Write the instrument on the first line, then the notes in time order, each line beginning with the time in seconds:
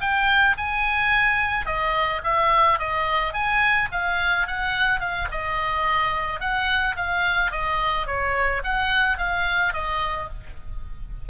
oboe
0.00 G5
0.57 G#5
1.66 D#5
2.23 E5
2.79 D#5
3.33 G#5
3.91 F5
4.47 F#5
5.00 F5
5.31 D#5
6.40 F#5
6.96 F5
7.51 D#5
8.06 C#5
8.64 F#5
9.17 F5
9.73 D#5